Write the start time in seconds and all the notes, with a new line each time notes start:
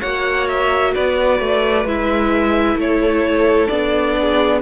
0.00 A#3 F#4 C#5 F#5
0.48 E5
0.94 B3 B4 D5
1.40 A3
1.85 G#3 E4 E5
2.75 A3 C#5
2.82 A4
3.67 B3 D4 D5
4.19 G#4